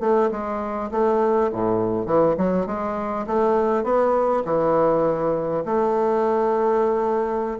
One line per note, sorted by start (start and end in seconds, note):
0.00 0.30 A3
0.31 0.90 G#3
0.91 1.50 A3
1.52 2.06 A2
2.06 2.35 E3
2.37 2.66 F#3
2.66 3.26 G#3
3.26 3.83 A3
3.83 4.43 B3
4.45 5.64 E3
5.65 7.58 A3